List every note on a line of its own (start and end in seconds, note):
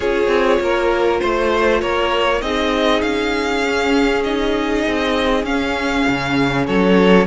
0.00 0.27 C#4
0.00 2.40 F4
0.00 0.59 G#4
0.00 1.20 C#5
0.27 0.58 C4
0.59 1.20 A#3
0.59 1.20 A#4
1.20 1.82 A3
1.20 1.80 C5
1.20 1.81 C5
1.80 2.41 A#3
1.80 2.42 A#4
1.80 2.41 C#5
2.40 3.02 C4
2.40 3.62 D#4
2.40 6.66 G#4
2.40 3.01 D#5
3.01 4.84 C#4
3.01 4.22 F5
3.63 4.23 C#4
4.23 5.45 D#4
4.23 5.45 D#5
4.87 5.43 C4
5.43 6.04 C#4
5.43 7.26 C#4
5.43 6.66 F5
6.07 6.68 C#3
6.66 7.26 F#3
6.66 7.26 A4
6.66 7.26 C#5